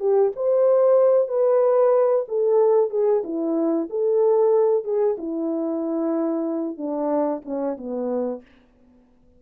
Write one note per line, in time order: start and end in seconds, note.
0.00 0.32 G4
0.36 1.28 C5
1.28 2.25 B4
2.28 2.91 A4
2.91 3.23 G#4
3.24 3.89 E4
3.90 4.84 A4
4.84 5.17 G#4
5.18 6.77 E4
6.77 7.42 D4
7.45 7.77 C#4
7.77 8.42 B3